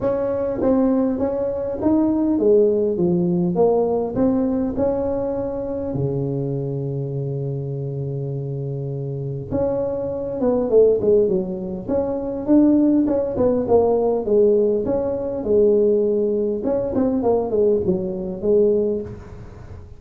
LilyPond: \new Staff \with { instrumentName = "tuba" } { \time 4/4 \tempo 4 = 101 cis'4 c'4 cis'4 dis'4 | gis4 f4 ais4 c'4 | cis'2 cis2~ | cis1 |
cis'4. b8 a8 gis8 fis4 | cis'4 d'4 cis'8 b8 ais4 | gis4 cis'4 gis2 | cis'8 c'8 ais8 gis8 fis4 gis4 | }